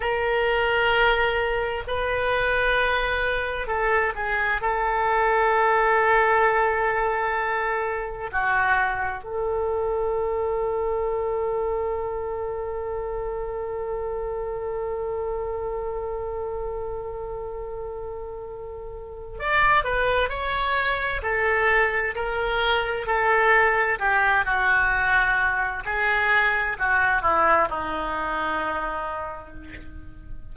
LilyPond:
\new Staff \with { instrumentName = "oboe" } { \time 4/4 \tempo 4 = 65 ais'2 b'2 | a'8 gis'8 a'2.~ | a'4 fis'4 a'2~ | a'1~ |
a'1~ | a'4 d''8 b'8 cis''4 a'4 | ais'4 a'4 g'8 fis'4. | gis'4 fis'8 e'8 dis'2 | }